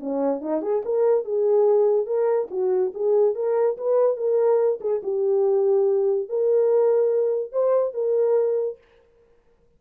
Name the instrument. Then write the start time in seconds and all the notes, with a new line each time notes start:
horn
0.00 C#4
0.41 D#4
0.62 G#4
0.85 A#4
1.24 G#4
2.06 A#4
2.51 F#4
2.94 G#4
3.35 A#4
3.77 B4
4.16 A#4
4.80 G#4
5.03 G4
6.29 A#4
7.52 C5
7.94 A#4